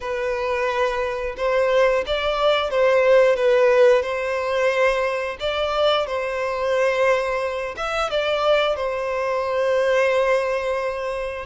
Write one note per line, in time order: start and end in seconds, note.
0.00 1.35 B4
1.37 2.04 C5
2.06 2.70 D5
2.70 3.36 C5
3.36 4.02 B4
4.02 5.37 C5
5.40 6.06 D5
6.06 7.75 C5
7.76 8.10 E5
8.10 8.76 D5
8.76 11.45 C5